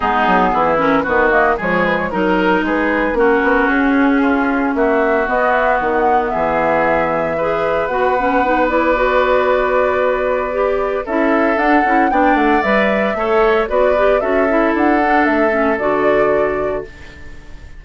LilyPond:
<<
  \new Staff \with { instrumentName = "flute" } { \time 4/4 \tempo 4 = 114 gis'4. ais'8 b'8 dis''8 cis''8 b'16 cis''16 | ais'4 b'4 ais'4 gis'4~ | gis'4 e''4 dis''8 e''8 fis''4 | e''2. fis''4~ |
fis''8 d''2.~ d''8~ | d''4 e''4 fis''4 g''8 fis''8 | e''2 d''4 e''4 | fis''4 e''4 d''2 | }
  \new Staff \with { instrumentName = "oboe" } { \time 4/4 dis'4 e'4 fis'4 gis'4 | ais'4 gis'4 fis'2 | f'4 fis'2. | gis'2 b'2~ |
b'1~ | b'4 a'2 d''4~ | d''4 cis''4 b'4 a'4~ | a'1 | }
  \new Staff \with { instrumentName = "clarinet" } { \time 4/4 b4. cis'8 b8 ais8 gis4 | dis'2 cis'2~ | cis'2 b2~ | b2 gis'4 fis'8 cis'8 |
dis'8 e'8 fis'2. | g'4 e'4 d'8 e'8 d'4 | b'4 a'4 fis'8 g'8 fis'8 e'8~ | e'8 d'4 cis'8 fis'2 | }
  \new Staff \with { instrumentName = "bassoon" } { \time 4/4 gis8 fis8 e4 dis4 f4 | fis4 gis4 ais8 b8 cis'4~ | cis'4 ais4 b4 dis4 | e2. b4~ |
b1~ | b4 cis'4 d'8 cis'8 b8 a8 | g4 a4 b4 cis'4 | d'4 a4 d2 | }
>>